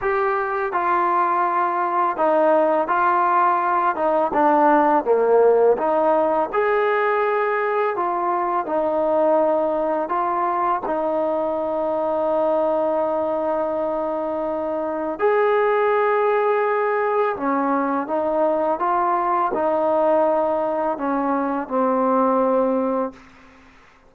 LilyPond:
\new Staff \with { instrumentName = "trombone" } { \time 4/4 \tempo 4 = 83 g'4 f'2 dis'4 | f'4. dis'8 d'4 ais4 | dis'4 gis'2 f'4 | dis'2 f'4 dis'4~ |
dis'1~ | dis'4 gis'2. | cis'4 dis'4 f'4 dis'4~ | dis'4 cis'4 c'2 | }